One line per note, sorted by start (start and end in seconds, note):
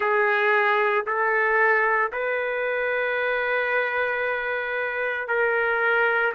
0.00 1.05 G#4
1.06 2.11 A4
2.12 5.28 B4
5.28 6.33 A#4